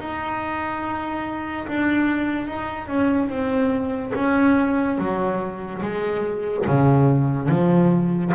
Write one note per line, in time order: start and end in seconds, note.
0.00 1.67 D#4
1.68 2.47 D4
2.47 2.88 D#4
2.88 3.29 C#4
3.29 4.12 C4
4.15 4.98 C#4
4.98 5.82 F#3
5.82 6.66 G#3
6.67 7.49 C#3
7.49 8.32 F3